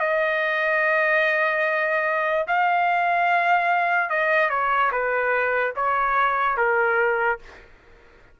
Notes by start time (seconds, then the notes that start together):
0.00 D#5
2.48 F5
4.10 D#5
4.50 C#5
4.92 B4
5.76 C#5
6.57 A#4